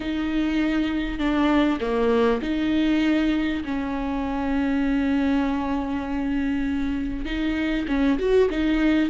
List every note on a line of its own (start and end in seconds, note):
0.00 1.18 D#4
1.18 1.79 D4
1.80 2.40 A#3
2.42 3.63 D#4
3.64 7.25 C#4
7.25 7.86 D#4
7.88 8.18 C#4
8.18 8.49 F#4
8.50 9.09 D#4